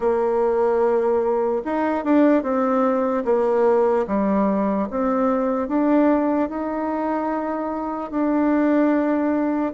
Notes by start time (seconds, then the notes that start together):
0.00 A#3
1.64 D#4
2.04 D4
2.43 C4
3.24 A#3
4.07 G3
4.90 C4
5.68 D4
6.49 D#4
8.10 D4